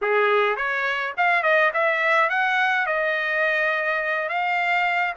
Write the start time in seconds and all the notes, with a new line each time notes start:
0.01 G#4
0.56 C#5
1.17 F5
1.42 D#5
1.73 E5
2.29 F#5
2.86 D#5
4.29 F5